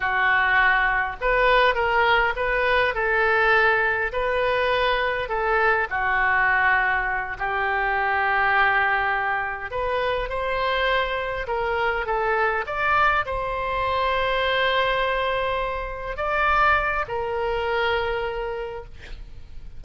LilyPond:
\new Staff \with { instrumentName = "oboe" } { \time 4/4 \tempo 4 = 102 fis'2 b'4 ais'4 | b'4 a'2 b'4~ | b'4 a'4 fis'2~ | fis'8 g'2.~ g'8~ |
g'8 b'4 c''2 ais'8~ | ais'8 a'4 d''4 c''4.~ | c''2.~ c''8 d''8~ | d''4 ais'2. | }